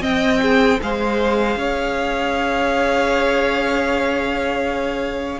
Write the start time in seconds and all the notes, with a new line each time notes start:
0.00 C4 D#5 G5
0.42 G#4
0.82 G#3 G#4 C5 F5
1.56 C#4 C#5